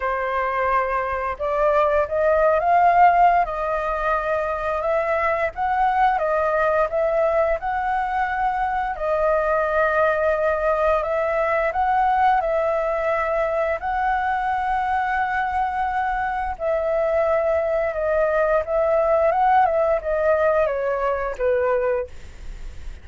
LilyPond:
\new Staff \with { instrumentName = "flute" } { \time 4/4 \tempo 4 = 87 c''2 d''4 dis''8. f''16~ | f''4 dis''2 e''4 | fis''4 dis''4 e''4 fis''4~ | fis''4 dis''2. |
e''4 fis''4 e''2 | fis''1 | e''2 dis''4 e''4 | fis''8 e''8 dis''4 cis''4 b'4 | }